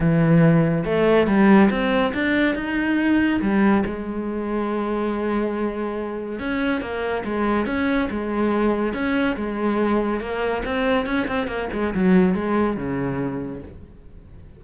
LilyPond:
\new Staff \with { instrumentName = "cello" } { \time 4/4 \tempo 4 = 141 e2 a4 g4 | c'4 d'4 dis'2 | g4 gis2.~ | gis2. cis'4 |
ais4 gis4 cis'4 gis4~ | gis4 cis'4 gis2 | ais4 c'4 cis'8 c'8 ais8 gis8 | fis4 gis4 cis2 | }